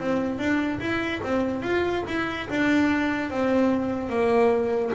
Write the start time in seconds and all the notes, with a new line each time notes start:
0.00 C4
0.39 D4
0.80 E4
1.24 C4
1.63 F4
2.08 E4
2.50 D4
3.31 C4
4.10 A#3